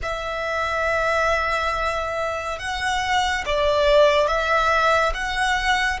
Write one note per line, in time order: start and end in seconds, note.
0.02 2.58 E5
2.58 3.44 F#5
3.45 4.27 D5
4.27 5.12 E5
5.14 5.99 F#5